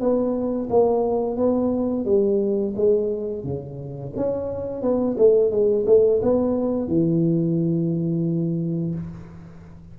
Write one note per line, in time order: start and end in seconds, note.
0.00 0.69 B3
0.70 1.37 A#3
1.37 2.05 B3
2.05 2.74 G3
2.76 3.44 G#3
3.44 4.13 C#3
4.16 4.82 C#4
4.82 5.17 B3
5.18 5.51 A3
5.51 5.85 G#3
5.87 6.21 A3
6.23 6.88 B3
6.88 8.95 E3